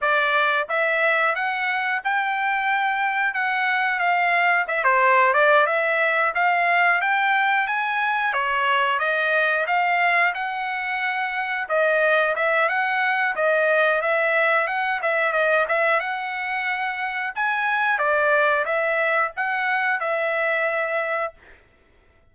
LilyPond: \new Staff \with { instrumentName = "trumpet" } { \time 4/4 \tempo 4 = 90 d''4 e''4 fis''4 g''4~ | g''4 fis''4 f''4 e''16 c''8. | d''8 e''4 f''4 g''4 gis''8~ | gis''8 cis''4 dis''4 f''4 fis''8~ |
fis''4. dis''4 e''8 fis''4 | dis''4 e''4 fis''8 e''8 dis''8 e''8 | fis''2 gis''4 d''4 | e''4 fis''4 e''2 | }